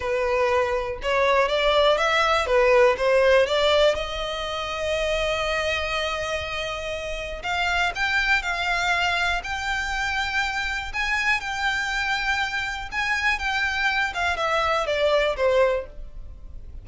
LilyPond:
\new Staff \with { instrumentName = "violin" } { \time 4/4 \tempo 4 = 121 b'2 cis''4 d''4 | e''4 b'4 c''4 d''4 | dis''1~ | dis''2. f''4 |
g''4 f''2 g''4~ | g''2 gis''4 g''4~ | g''2 gis''4 g''4~ | g''8 f''8 e''4 d''4 c''4 | }